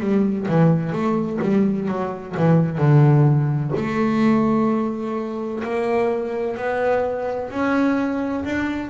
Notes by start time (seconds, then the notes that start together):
0.00 G3
0.49 E3
0.92 A3
1.42 G3
1.88 F#3
2.37 E3
2.78 D3
3.76 A3
5.64 A#3
6.57 B3
7.50 C#4
8.45 D4